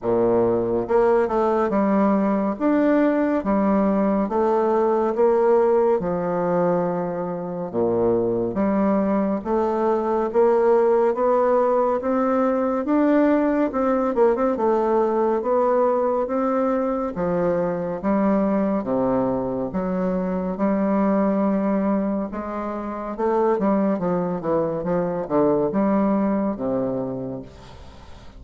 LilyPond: \new Staff \with { instrumentName = "bassoon" } { \time 4/4 \tempo 4 = 70 ais,4 ais8 a8 g4 d'4 | g4 a4 ais4 f4~ | f4 ais,4 g4 a4 | ais4 b4 c'4 d'4 |
c'8 ais16 c'16 a4 b4 c'4 | f4 g4 c4 fis4 | g2 gis4 a8 g8 | f8 e8 f8 d8 g4 c4 | }